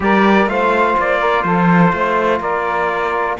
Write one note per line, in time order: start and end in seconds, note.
0.00 0.46 G3
0.00 0.48 G4
0.00 0.50 A#4
0.00 0.49 D5
0.46 0.94 A3
0.46 3.38 F4
0.46 1.19 C5
0.46 0.97 F5
0.99 1.44 A#3
0.99 1.43 D5
1.19 1.43 A#4
1.43 1.92 F3
1.43 1.94 A4
1.43 2.39 C5
1.93 2.40 A3
1.93 2.40 C5
2.40 3.36 A#3
2.40 3.36 A#4
2.40 3.38 D5